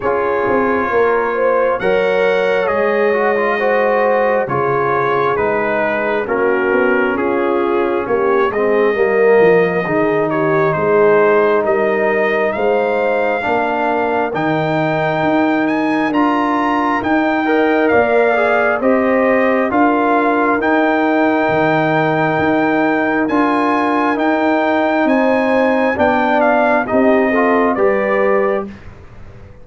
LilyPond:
<<
  \new Staff \with { instrumentName = "trumpet" } { \time 4/4 \tempo 4 = 67 cis''2 fis''4 dis''4~ | dis''4 cis''4 b'4 ais'4 | gis'4 cis''8 dis''2 cis''8 | c''4 dis''4 f''2 |
g''4. gis''8 ais''4 g''4 | f''4 dis''4 f''4 g''4~ | g''2 gis''4 g''4 | gis''4 g''8 f''8 dis''4 d''4 | }
  \new Staff \with { instrumentName = "horn" } { \time 4/4 gis'4 ais'8 c''8 cis''2 | c''4 gis'2 fis'4 | f'4 g'8 gis'8 ais'4 gis'8 g'8 | gis'4 ais'4 c''4 ais'4~ |
ais'2.~ ais'8 dis''8 | d''4 c''4 ais'2~ | ais'1 | c''4 d''4 g'8 a'8 b'4 | }
  \new Staff \with { instrumentName = "trombone" } { \time 4/4 f'2 ais'4 gis'8 fis'16 f'16 | fis'4 f'4 dis'4 cis'4~ | cis'4. c'8 ais4 dis'4~ | dis'2. d'4 |
dis'2 f'4 dis'8 ais'8~ | ais'8 gis'8 g'4 f'4 dis'4~ | dis'2 f'4 dis'4~ | dis'4 d'4 dis'8 f'8 g'4 | }
  \new Staff \with { instrumentName = "tuba" } { \time 4/4 cis'8 c'8 ais4 fis4 gis4~ | gis4 cis4 gis4 ais8 b8 | cis'4 ais8 gis8 g8 f8 dis4 | gis4 g4 gis4 ais4 |
dis4 dis'4 d'4 dis'4 | ais4 c'4 d'4 dis'4 | dis4 dis'4 d'4 dis'4 | c'4 b4 c'4 g4 | }
>>